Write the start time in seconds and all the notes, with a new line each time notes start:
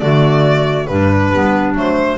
0.00 D3 A3 F#4 D5
0.87 G2 G3 D4 B4
1.32 G3 B3
1.75 F#3 A3 C5